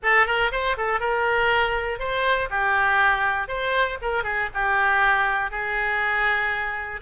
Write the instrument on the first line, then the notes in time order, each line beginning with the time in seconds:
oboe
0.02 A4
0.26 A#4
0.51 C5
0.77 A4
1.00 A#4
1.99 C5
2.50 G4
3.47 C5
4.01 A#4
4.23 G#4
4.54 G4
5.50 G#4